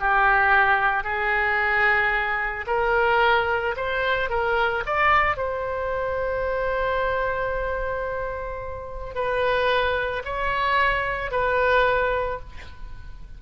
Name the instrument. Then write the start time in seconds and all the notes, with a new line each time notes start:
oboe
0.00 G4
1.04 G#4
2.67 A#4
3.77 C5
4.30 A#4
4.86 D5
5.37 C5
9.15 B4
10.25 C#5
11.32 B4